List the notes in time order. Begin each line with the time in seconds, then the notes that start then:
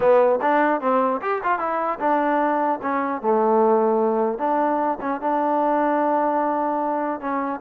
0.00 B3
0.41 D4
0.80 C4
1.21 G4
1.43 F4
1.58 E4
1.99 D4
2.82 C#4
3.21 A3
4.38 D4
5.00 C#4
5.20 D4
7.20 C#4